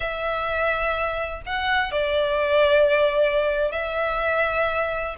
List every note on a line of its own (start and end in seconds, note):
0.00 1.42 E5
1.46 1.91 F#5
1.91 3.71 D5
3.71 5.15 E5